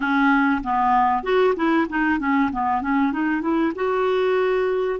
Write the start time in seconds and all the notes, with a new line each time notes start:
0.00 C#4
0.63 B3
1.23 F#4
1.56 E4
1.89 D#4
2.19 C#4
2.52 B3
2.81 C#4
3.12 D#4
3.41 E4
3.75 F#4